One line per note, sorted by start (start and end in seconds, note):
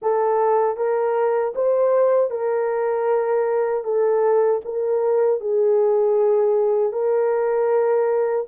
0.01 0.76 A4
0.76 1.53 A#4
1.55 2.30 C5
2.30 3.84 A#4
3.84 4.60 A4
4.64 5.40 A#4
5.40 6.92 G#4
6.92 8.46 A#4